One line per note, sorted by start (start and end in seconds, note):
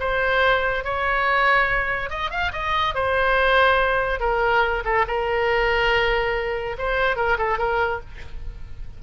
0.00 0.85 C5
0.85 2.10 C#5
2.10 2.31 D#5
2.31 2.52 F5
2.53 2.95 D#5
2.95 4.20 C5
4.20 4.84 A#4
4.85 5.06 A4
5.08 6.77 A#4
6.78 7.17 C5
7.17 7.38 A#4
7.38 7.58 A4
7.58 8.01 A#4